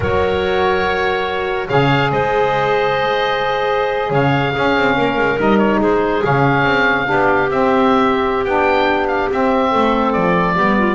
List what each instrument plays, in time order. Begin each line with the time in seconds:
0.00 double bass F#3, saxophone F#4, clarinet A#4, oboe C#5
1.68 double bass C#3, saxophone G#4, clarinet C#5, oboe F5
2.11 double bass G#3, clarinet C5, oboe D#5
4.10 double bass C#3, clarinet C#5, oboe F5
4.51 saxophone C#4, double bass C#4, clarinet G#4
4.76 double bass C4
4.96 double bass A#3, clarinet A#4
5.17 double bass G#3
5.38 double bass G3, saxophone D#4, oboe D#5
5.58 oboe C#5
5.79 double bass G#3, clarinet G#4, oboe C5
6.21 double bass C#3, saxophone C#4, oboe F5
6.64 double bass C4
7.05 double bass B3, saxophone D4, clarinet G4
7.50 double bass C4, saxophone C4, oboe E5
8.44 double bass B3, saxophone D4, oboe G5
9.07 oboe F5
9.30 saxophone C4, double bass C4, oboe E5
9.70 double bass A3, clarinet A4
10.12 double bass F3, oboe D5
10.55 double bass G3, saxophone B3, clarinet G4
10.78 clarinet F4